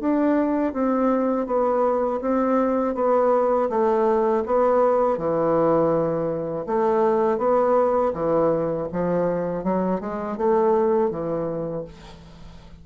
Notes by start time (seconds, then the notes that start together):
0.00 D4
0.73 C4
1.46 B3
2.21 C4
2.95 B3
3.70 A3
4.46 B3
5.18 E3
6.67 A3
7.38 B3
8.14 E3
8.93 F3
9.64 F#3
10.00 G#3
10.37 A3
11.10 E3